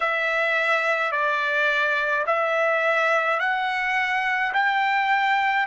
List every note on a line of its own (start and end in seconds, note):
0.00 1.11 E5
1.11 2.24 D5
2.26 3.39 E5
3.39 4.52 F#5
4.53 5.66 G5